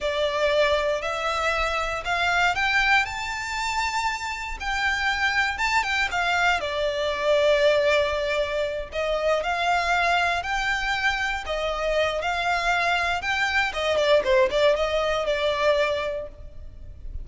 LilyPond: \new Staff \with { instrumentName = "violin" } { \time 4/4 \tempo 4 = 118 d''2 e''2 | f''4 g''4 a''2~ | a''4 g''2 a''8 g''8 | f''4 d''2.~ |
d''4. dis''4 f''4.~ | f''8 g''2 dis''4. | f''2 g''4 dis''8 d''8 | c''8 d''8 dis''4 d''2 | }